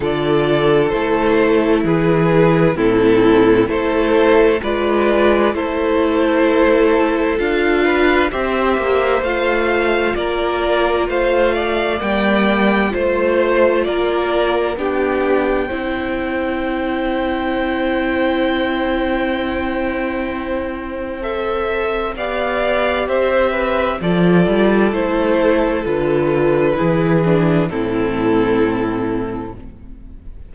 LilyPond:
<<
  \new Staff \with { instrumentName = "violin" } { \time 4/4 \tempo 4 = 65 d''4 c''4 b'4 a'4 | c''4 d''4 c''2 | f''4 e''4 f''4 d''4 | f''4 g''4 c''4 d''4 |
g''1~ | g''2. e''4 | f''4 e''4 d''4 c''4 | b'2 a'2 | }
  \new Staff \with { instrumentName = "violin" } { \time 4/4 a'2 gis'4 e'4 | a'4 b'4 a'2~ | a'8 b'8 c''2 ais'4 | c''8 d''4. c''4 ais'4 |
g'4 c''2.~ | c''1 | d''4 c''8 b'8 a'2~ | a'4 gis'4 e'2 | }
  \new Staff \with { instrumentName = "viola" } { \time 4/4 f'4 e'2 c'4 | e'4 f'4 e'2 | f'4 g'4 f'2~ | f'4 ais4 f'2 |
d'4 e'2.~ | e'2. a'4 | g'2 f'4 e'4 | f'4 e'8 d'8 c'2 | }
  \new Staff \with { instrumentName = "cello" } { \time 4/4 d4 a4 e4 a,4 | a4 gis4 a2 | d'4 c'8 ais8 a4 ais4 | a4 g4 a4 ais4 |
b4 c'2.~ | c'1 | b4 c'4 f8 g8 a4 | d4 e4 a,2 | }
>>